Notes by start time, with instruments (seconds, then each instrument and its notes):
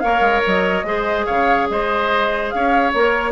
0.00 bassoon A#3, clarinet A#4, oboe C#5, flute F5
0.20 bassoon G#3
0.46 bassoon F#3, flute D#5
0.84 bassoon G#3, clarinet G#4, oboe C5
1.26 bassoon C#3, oboe C#5, flute F5
1.70 bassoon G#3, oboe C5, flute D#5
2.50 bassoon C#4, oboe C#5, flute F5
2.93 bassoon A#3, clarinet A#4, flute C#5